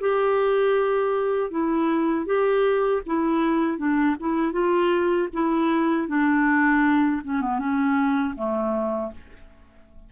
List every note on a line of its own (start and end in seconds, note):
0.00 1.51 G4
1.51 2.26 E4
2.26 3.02 G4
3.06 3.78 E4
3.78 4.16 D4
4.20 4.52 E4
4.52 5.28 F4
5.33 6.08 E4
6.08 7.22 D4
7.24 7.41 C#4
7.41 7.58 B3
7.58 8.34 C#4
8.36 9.12 A3